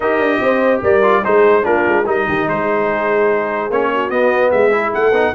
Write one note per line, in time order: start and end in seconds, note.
0.00 0.19 D#4
0.00 1.02 G4
0.00 0.40 A#4
0.00 0.81 D#5
0.19 0.39 D4
0.40 0.81 C4
0.40 0.82 C5
0.82 1.23 G3
0.82 1.23 A#4
0.82 1.24 D5
1.02 1.22 F4
1.23 1.64 G#3
1.23 1.62 D#4
1.23 1.64 G#4
1.23 1.65 C5
1.62 1.85 A#3
1.62 2.04 D4
1.62 2.05 F4
1.62 2.06 A#4
1.87 2.06 G#3
2.05 2.26 G3
2.05 3.70 D#4
2.05 2.26 A#4
2.05 2.48 D#5
2.28 2.47 D#3
2.28 2.48 G4
2.47 3.69 G#3
2.47 3.92 G#4
2.47 3.71 C5
3.69 4.09 A#3
3.69 4.10 C#4
3.69 4.09 C#5
3.93 4.51 F#4
4.09 4.51 B3
4.09 4.71 B3
4.09 4.51 D#5
4.51 4.94 G#3
4.51 4.92 G#4
4.51 4.92 E5
4.71 5.12 E4
4.94 5.11 A3
4.94 5.34 A4
4.94 5.34 F#5
5.11 5.32 B3
5.11 5.34 D#4